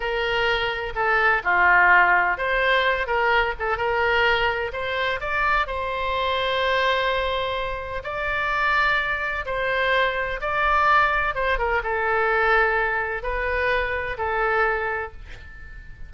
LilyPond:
\new Staff \with { instrumentName = "oboe" } { \time 4/4 \tempo 4 = 127 ais'2 a'4 f'4~ | f'4 c''4. ais'4 a'8 | ais'2 c''4 d''4 | c''1~ |
c''4 d''2. | c''2 d''2 | c''8 ais'8 a'2. | b'2 a'2 | }